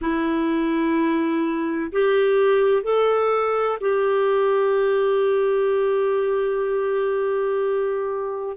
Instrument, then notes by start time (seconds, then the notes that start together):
clarinet
0.01 E4
1.91 G4
2.83 A4
3.80 G4